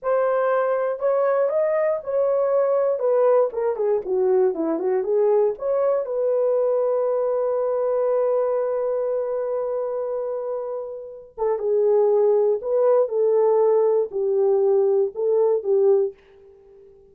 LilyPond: \new Staff \with { instrumentName = "horn" } { \time 4/4 \tempo 4 = 119 c''2 cis''4 dis''4 | cis''2 b'4 ais'8 gis'8 | fis'4 e'8 fis'8 gis'4 cis''4 | b'1~ |
b'1~ | b'2~ b'8 a'8 gis'4~ | gis'4 b'4 a'2 | g'2 a'4 g'4 | }